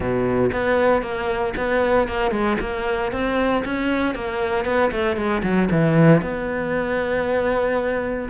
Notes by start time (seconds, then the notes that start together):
0.00 B2
0.52 B3
1.01 A#3
1.56 B3
2.08 A#3
2.31 G#3
2.60 A#3
3.12 C4
3.64 C#4
4.14 A#3
4.64 B3
4.91 A3
5.16 G#3
5.42 F#3
5.71 E3
6.21 B3